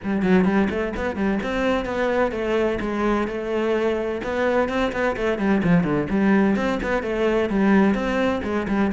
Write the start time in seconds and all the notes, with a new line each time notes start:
0.03 G3
0.22 F#3
0.45 G3
0.69 A3
0.96 B3
1.15 G3
1.42 C4
1.85 B3
2.31 A3
2.80 G#3
3.27 A3
4.23 B3
4.68 C4
4.92 B3
5.16 A3
5.38 G3
5.63 F3
5.83 D3
6.10 G3
6.55 C4
6.82 B3
7.02 A3
7.49 G3
7.94 C4
8.43 G#3
8.68 G3